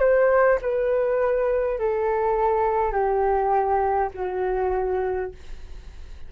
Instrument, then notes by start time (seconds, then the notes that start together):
flute
0.00 C5
0.62 B4
1.79 A4
2.93 G4
4.14 F#4